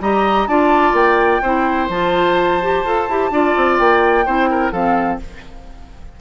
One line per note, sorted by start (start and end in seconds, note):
0.00 0.47 G3
0.00 0.48 G4
0.00 0.48 D#5
0.00 0.47 A#5
0.47 0.92 D4
0.47 1.43 F4
0.47 1.42 D5
0.47 0.94 A5
0.92 1.40 A#3
0.92 1.89 G5
1.42 1.89 C4
1.42 1.90 E4
1.42 3.31 C5
1.89 2.83 F3
1.89 2.61 F4
1.89 3.77 A5
2.61 2.85 G4
2.83 3.06 F4
2.83 3.09 A4
3.08 3.30 E4
3.08 3.31 G4
3.30 3.54 D4
3.30 4.25 F4
3.30 4.25 D5
3.56 3.79 C4
3.77 4.26 A#3
3.77 4.71 G5
4.25 4.72 C4
4.25 4.73 E4
4.25 4.49 C5
4.50 4.72 A#4
4.71 5.19 F3
4.71 5.20 C4
4.71 5.19 A4
4.71 5.18 F5